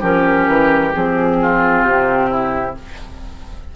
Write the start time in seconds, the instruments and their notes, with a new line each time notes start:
0.00 bassoon F3, clarinet C#4, oboe G4, flute A#4
0.47 bassoon E3
0.93 bassoon F3, clarinet C4, flute G#4
1.41 oboe F4
1.84 bassoon C3, flute G4
2.30 oboe E4